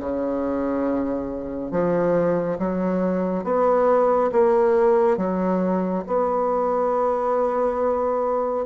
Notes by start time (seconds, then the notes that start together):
0.00 C#3
1.72 F3
2.59 F#3
3.44 B3
4.32 A#3
5.18 F#3
6.07 B3